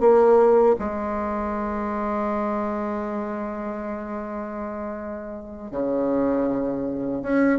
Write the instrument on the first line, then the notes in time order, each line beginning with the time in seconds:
bassoon
0.00 A#3
0.79 G#3
5.71 C#3
7.23 C#4